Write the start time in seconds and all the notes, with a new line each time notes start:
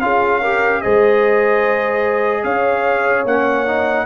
0.00 C#4 F4 G#4 F5
0.41 G4 A#4
0.81 G#3 G#4 C5 D#5
2.43 C#4 C#5 F5
3.24 A#3 C#4 F#5
3.66 D#4